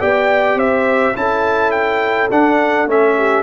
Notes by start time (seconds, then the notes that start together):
0.00 B3 G4 D5 G5
0.55 C4 C5 E5
1.15 C#4 E4 A4 A5
1.71 G5
2.30 D4 F#5
2.86 A3 C#4 E5
3.17 G4